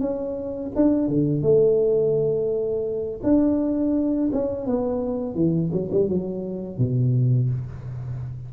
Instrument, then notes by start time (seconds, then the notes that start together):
tuba
0.00 C#4
0.75 D4
1.08 D3
1.42 A3
3.23 D4
4.32 C#4
4.66 B3
5.35 E3
5.72 F#3
5.92 G3
6.09 F#3
6.78 B2